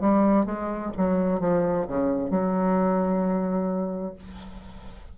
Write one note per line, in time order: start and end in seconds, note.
0.00 0.45 G3
0.45 0.91 G#3
0.97 1.40 F#3
1.40 1.86 F3
1.87 2.30 C#3
2.30 4.15 F#3